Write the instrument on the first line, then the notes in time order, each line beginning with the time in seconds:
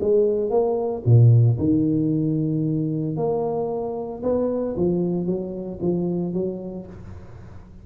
tuba
0.00 G#3
0.50 A#3
1.05 A#2
1.58 D#3
3.16 A#3
4.22 B3
4.76 F3
5.26 F#3
5.81 F3
6.33 F#3